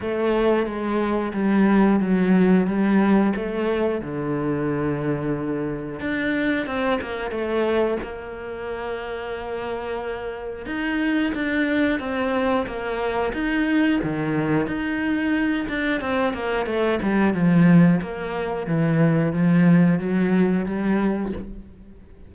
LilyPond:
\new Staff \with { instrumentName = "cello" } { \time 4/4 \tempo 4 = 90 a4 gis4 g4 fis4 | g4 a4 d2~ | d4 d'4 c'8 ais8 a4 | ais1 |
dis'4 d'4 c'4 ais4 | dis'4 dis4 dis'4. d'8 | c'8 ais8 a8 g8 f4 ais4 | e4 f4 fis4 g4 | }